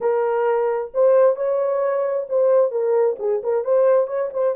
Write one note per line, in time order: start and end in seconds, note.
0.00 0.91 A#4
0.93 1.36 C5
1.36 2.26 C#5
2.29 2.71 C5
2.71 3.16 A#4
3.19 3.42 G#4
3.43 3.64 A#4
3.64 4.07 C5
4.07 4.30 C#5
4.33 4.55 C5